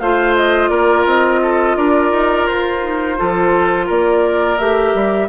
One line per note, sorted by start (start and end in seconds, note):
0.00 0.70 A3
0.00 2.82 F4
0.00 0.70 C5
0.00 0.35 F5
0.36 0.69 D#5
0.69 1.05 A#3
0.69 1.41 A#4
0.69 1.04 D5
1.06 1.76 C4
1.06 1.77 D#5
1.42 1.77 A4
1.77 2.12 D4
1.77 3.18 A#4
1.77 2.47 D5
2.12 2.47 D#4
2.47 3.19 F4
2.47 3.88 C5
2.82 3.17 D#4
3.17 3.90 F3
3.17 4.58 F4
3.17 3.87 A4
3.87 4.59 A#3
3.87 5.28 A#4
3.87 4.58 D5
4.58 4.94 A3
4.58 5.29 G4
4.58 5.29 E5
4.94 5.29 G3